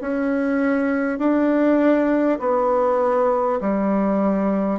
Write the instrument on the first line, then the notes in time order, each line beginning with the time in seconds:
bassoon
0.00 C#4
1.18 D4
2.39 B3
3.61 G3